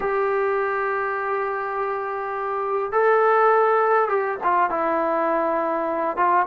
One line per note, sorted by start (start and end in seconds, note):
0.00 2.91 G4
2.91 4.08 A4
4.08 4.38 G4
4.43 4.70 F4
4.70 6.16 E4
6.16 6.46 F4